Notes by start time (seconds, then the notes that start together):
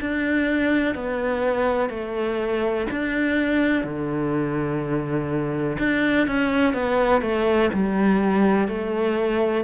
0.00 D4
0.94 B3
1.89 A3
2.90 D4
3.84 D3
5.78 D4
6.27 C#4
6.73 B3
7.21 A3
7.73 G3
8.68 A3